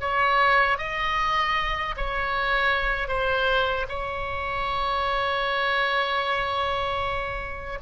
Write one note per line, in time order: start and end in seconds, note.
0.00 0.78 C#5
0.78 1.94 D#5
1.96 3.08 C#5
3.08 3.86 C5
3.89 7.78 C#5